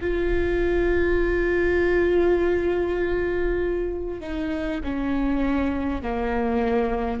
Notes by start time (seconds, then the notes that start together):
0.00 F4
4.20 D#4
4.83 C#4
6.02 A#3